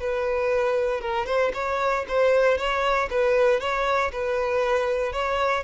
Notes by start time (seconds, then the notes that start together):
0.00 B4
1.00 A#4
1.26 C5
1.54 C#5
2.08 C5
2.58 C#5
3.10 B4
3.60 C#5
4.12 B4
5.12 C#5